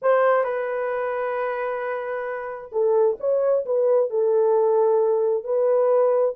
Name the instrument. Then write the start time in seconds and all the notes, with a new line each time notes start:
horn
0.02 C5
0.43 B4
2.72 A4
3.19 C#5
3.65 B4
4.10 A4
5.43 B4